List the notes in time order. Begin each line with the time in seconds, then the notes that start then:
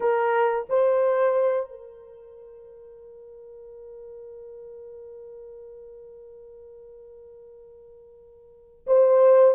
0.00 A#4
0.69 C5
1.70 A#4
8.86 C5